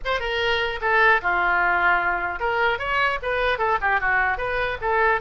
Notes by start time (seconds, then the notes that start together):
0.05 C5
0.20 A#4
0.81 A4
1.21 F4
2.39 A#4
2.78 C#5
3.22 B4
3.58 A4
3.81 G4
4.00 F#4
4.37 B4
4.81 A4